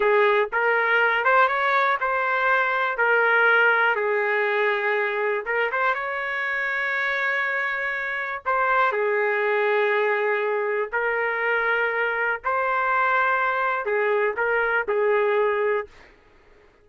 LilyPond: \new Staff \with { instrumentName = "trumpet" } { \time 4/4 \tempo 4 = 121 gis'4 ais'4. c''8 cis''4 | c''2 ais'2 | gis'2. ais'8 c''8 | cis''1~ |
cis''4 c''4 gis'2~ | gis'2 ais'2~ | ais'4 c''2. | gis'4 ais'4 gis'2 | }